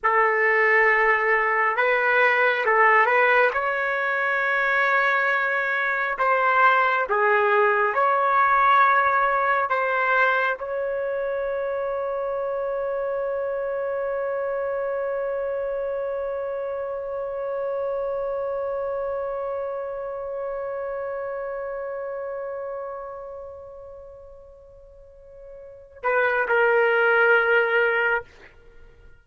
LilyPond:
\new Staff \with { instrumentName = "trumpet" } { \time 4/4 \tempo 4 = 68 a'2 b'4 a'8 b'8 | cis''2. c''4 | gis'4 cis''2 c''4 | cis''1~ |
cis''1~ | cis''1~ | cis''1~ | cis''4. b'8 ais'2 | }